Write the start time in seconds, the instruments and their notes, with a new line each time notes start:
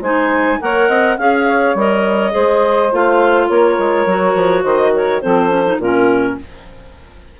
0.00 bassoon G#3, clarinet D#4 G#5, saxophone C5
0.60 bassoon A#3, clarinet A#4 F#5, saxophone C#5
0.88 bassoon C4, saxophone D#5
1.18 bassoon C#4, clarinet G#4 F5, saxophone F5
1.46 saxophone C#5
1.74 bassoon G3, clarinet A#4 D#5
2.31 bassoon G#3, clarinet G#4, saxophone C5
2.91 bassoon A3, clarinet F4 F5
3.47 bassoon A#3, saxophone A#4, clarinet C#5
3.78 bassoon G#3
4.05 bassoon F#3, clarinet F#4
4.35 bassoon F3
4.62 bassoon D#3, saxophone C5, clarinet D#5
4.94 saxophone A#4, clarinet C#5
5.20 bassoon F3, clarinet C4 C5, saxophone A4
5.49 clarinet C#4
5.65 clarinet D#4
5.77 bassoon A#2, clarinet C#4 A#4, saxophone F4